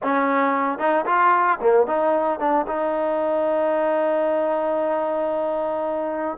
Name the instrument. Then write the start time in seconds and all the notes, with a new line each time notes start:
trombone
0.02 C#4
0.78 D#4
1.06 F4
1.60 A#3
1.86 D#4
2.39 D4
2.67 D#4